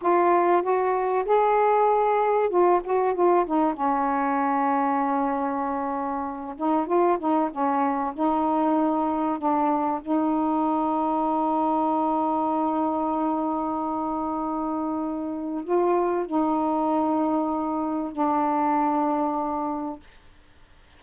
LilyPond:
\new Staff \with { instrumentName = "saxophone" } { \time 4/4 \tempo 4 = 96 f'4 fis'4 gis'2 | f'8 fis'8 f'8 dis'8 cis'2~ | cis'2~ cis'8 dis'8 f'8 dis'8 | cis'4 dis'2 d'4 |
dis'1~ | dis'1~ | dis'4 f'4 dis'2~ | dis'4 d'2. | }